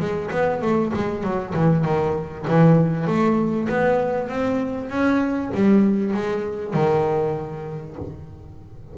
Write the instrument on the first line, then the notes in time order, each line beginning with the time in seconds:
double bass
0.00 G#3
0.31 B3
0.62 A3
0.94 G#3
1.24 F#3
1.54 E3
1.85 D#3
2.49 E3
3.08 A3
3.69 B3
4.29 C4
4.90 C#4
5.55 G3
6.14 G#3
6.74 D#3